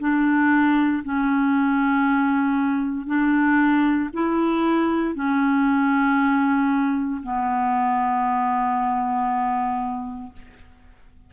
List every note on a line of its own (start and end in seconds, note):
0.00 1.03 D4
1.04 3.07 C#4
3.07 4.10 D4
4.13 5.15 E4
5.15 7.22 C#4
7.23 10.33 B3